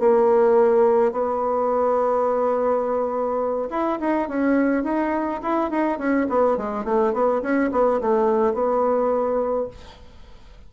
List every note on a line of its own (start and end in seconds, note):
0.00 1.12 A#3
1.12 3.69 B3
3.71 3.99 E4
4.01 4.29 D#4
4.29 4.84 C#4
4.84 5.41 D#4
5.43 5.71 E4
5.71 5.99 D#4
5.99 6.27 C#4
6.30 6.58 B3
6.58 6.85 G#3
6.85 7.14 A3
7.14 7.42 B3
7.42 7.71 C#4
7.72 8.01 B3
8.01 8.54 A3
8.54 9.68 B3